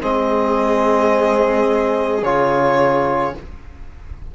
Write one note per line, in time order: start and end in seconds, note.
0.00 2.22 G#3
0.00 2.22 C4
0.00 3.35 G#4
0.00 2.24 D#5
2.22 3.34 C#3
2.22 3.35 F4
2.22 3.35 C#5